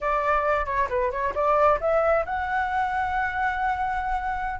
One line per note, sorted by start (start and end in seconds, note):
0.00 0.65 D5
0.65 0.88 C#5
0.89 1.11 B4
1.11 1.33 C#5
1.34 1.79 D5
1.80 2.25 E5
2.25 4.60 F#5